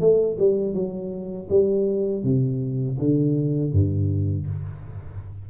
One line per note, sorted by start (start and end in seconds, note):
0.00 0.37 A3
0.39 0.74 G3
0.74 1.48 F#3
1.49 2.24 G3
2.24 2.98 C3
2.99 3.73 D3
3.73 4.47 G2